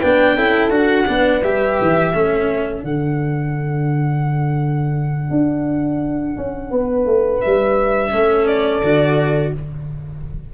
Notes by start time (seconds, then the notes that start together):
0.00 B3 D4 B4 G5
0.35 C#4 E4 A4
0.71 D4 F#4 F#5
1.07 B3 D4 B4
1.43 G3 G4 E5
1.82 E3
2.14 A3 C#4 A4
2.83 D3 D4 F#5
5.31 D4
6.37 C#4
6.70 B3 B4
7.06 A3
7.41 G3 E5
8.12 A3 C#4 A4
8.47 D5
8.83 D3 F#4